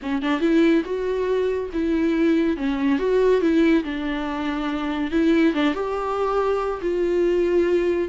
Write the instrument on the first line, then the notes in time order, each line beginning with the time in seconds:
viola
0.02 C#4
0.21 D4
0.40 E4
0.84 F#4
1.73 E4
2.56 C#4
2.98 F#4
3.41 E4
3.83 D4
5.11 E4
5.54 D4
5.73 G4
6.81 F4